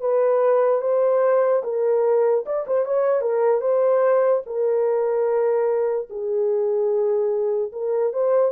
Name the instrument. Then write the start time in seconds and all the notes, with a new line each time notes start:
horn
0.00 B4
0.81 C5
1.63 A#4
2.45 D5
2.67 C5
2.85 C#5
3.21 A#4
3.61 C5
4.46 A#4
6.10 G#4
7.72 A#4
8.13 C5